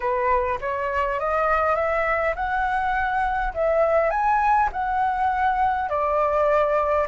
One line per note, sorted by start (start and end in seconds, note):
0.00 0.59 B4
0.60 1.19 C#5
1.19 1.75 D#5
1.75 2.34 E5
2.35 3.53 F#5
3.53 4.10 E5
4.10 4.68 G#5
4.72 5.89 F#5
5.89 7.06 D5